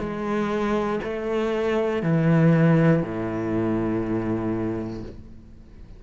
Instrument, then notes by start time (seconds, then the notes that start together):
cello
0.00 G#3
1.04 A3
2.03 E3
3.03 A2